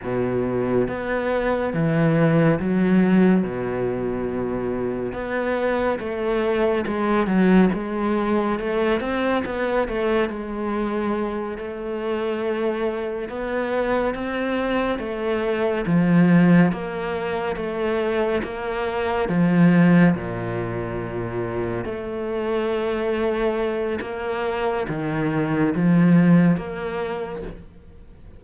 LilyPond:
\new Staff \with { instrumentName = "cello" } { \time 4/4 \tempo 4 = 70 b,4 b4 e4 fis4 | b,2 b4 a4 | gis8 fis8 gis4 a8 c'8 b8 a8 | gis4. a2 b8~ |
b8 c'4 a4 f4 ais8~ | ais8 a4 ais4 f4 ais,8~ | ais,4. a2~ a8 | ais4 dis4 f4 ais4 | }